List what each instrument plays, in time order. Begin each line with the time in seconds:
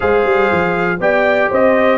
0.00 tuba G#3, trombone G#4, horn C5, trumpet F5
0.25 tuba G3
0.52 tuba F3
0.99 tuba B3, trombone G4, horn D5, trumpet G5
1.49 tuba C4, horn C5, trumpet D#5